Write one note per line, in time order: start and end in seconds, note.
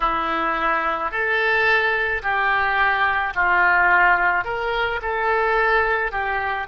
0.00 1.11 E4
1.11 2.22 A4
2.22 3.33 G4
3.34 4.44 F4
4.44 4.99 A#4
5.02 6.11 A4
6.11 6.67 G4